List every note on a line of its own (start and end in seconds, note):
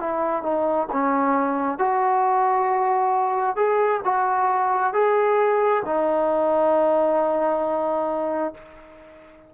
0.00 0.43 E4
0.43 0.88 D#4
0.93 1.79 C#4
1.79 3.56 F#4
3.56 4.01 G#4
4.05 4.94 F#4
4.94 5.83 G#4
5.85 8.54 D#4